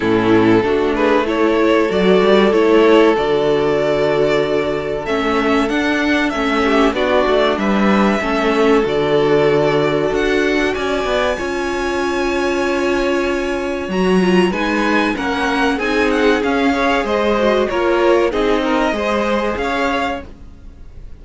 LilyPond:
<<
  \new Staff \with { instrumentName = "violin" } { \time 4/4 \tempo 4 = 95 a'4. b'8 cis''4 d''4 | cis''4 d''2. | e''4 fis''4 e''4 d''4 | e''2 d''2 |
fis''4 gis''2.~ | gis''2 ais''4 gis''4 | fis''4 gis''8 fis''8 f''4 dis''4 | cis''4 dis''2 f''4 | }
  \new Staff \with { instrumentName = "violin" } { \time 4/4 e'4 fis'8 gis'8 a'2~ | a'1~ | a'2~ a'8 g'8 fis'4 | b'4 a'2.~ |
a'4 d''4 cis''2~ | cis''2. b'4 | ais'4 gis'4. cis''8 c''4 | ais'4 gis'8 ais'8 c''4 cis''4 | }
  \new Staff \with { instrumentName = "viola" } { \time 4/4 cis'4 d'4 e'4 fis'4 | e'4 fis'2. | cis'4 d'4 cis'4 d'4~ | d'4 cis'4 fis'2~ |
fis'2 f'2~ | f'2 fis'8 f'8 dis'4 | cis'4 dis'4 cis'8 gis'4 fis'8 | f'4 dis'4 gis'2 | }
  \new Staff \with { instrumentName = "cello" } { \time 4/4 a,4 a2 fis8 g8 | a4 d2. | a4 d'4 a4 b8 a8 | g4 a4 d2 |
d'4 cis'8 b8 cis'2~ | cis'2 fis4 gis4 | ais4 c'4 cis'4 gis4 | ais4 c'4 gis4 cis'4 | }
>>